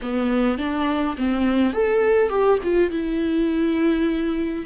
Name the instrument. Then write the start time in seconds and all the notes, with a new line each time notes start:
viola
0.02 B3
0.58 D4
1.17 C4
1.73 A4
2.29 G4
2.63 F4
2.90 E4